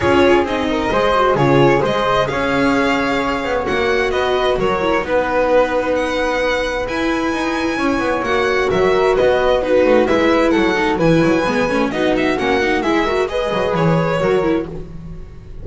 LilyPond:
<<
  \new Staff \with { instrumentName = "violin" } { \time 4/4 \tempo 4 = 131 cis''4 dis''2 cis''4 | dis''4 f''2. | fis''4 dis''4 cis''4 b'4~ | b'4 fis''2 gis''4~ |
gis''2 fis''4 e''4 | dis''4 b'4 e''4 fis''4 | gis''2 dis''8 e''8 fis''4 | e''4 dis''4 cis''2 | }
  \new Staff \with { instrumentName = "flute" } { \time 4/4 gis'4. ais'8 c''4 gis'4 | c''4 cis''2.~ | cis''4 b'4 ais'4 b'4~ | b'1~ |
b'4 cis''2 ais'4 | b'4 fis'4 b'4 a'4 | b'2 fis'2 | gis'8 ais'8 b'2 ais'4 | }
  \new Staff \with { instrumentName = "viola" } { \time 4/4 f'4 dis'4 gis'8 fis'8 f'4 | gis'1 | fis'2~ fis'8 e'8 dis'4~ | dis'2. e'4~ |
e'2 fis'2~ | fis'4 dis'4 e'4. dis'8 | e'4 b8 cis'8 dis'4 cis'8 dis'8 | e'8 fis'8 gis'2 fis'8 e'8 | }
  \new Staff \with { instrumentName = "double bass" } { \time 4/4 cis'4 c'4 gis4 cis4 | gis4 cis'2~ cis'8 b8 | ais4 b4 fis4 b4~ | b2. e'4 |
dis'4 cis'8 b8 ais4 fis4 | b4. a8 gis4 fis4 | e8 fis8 gis8 a8 b4 ais4 | gis4. fis8 e4 fis4 | }
>>